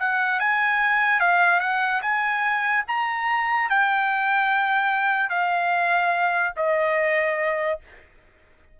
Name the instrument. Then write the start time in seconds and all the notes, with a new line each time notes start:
trumpet
0.00 F#5
0.40 G#5
1.20 F5
1.60 F#5
2.02 G#5
2.88 A#5
3.70 G5
5.30 F5
6.57 D#5